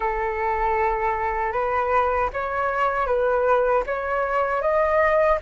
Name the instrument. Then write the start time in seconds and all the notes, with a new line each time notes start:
flute
0.00 A4
1.52 B4
2.33 C#5
3.06 B4
3.86 C#5
4.61 D#5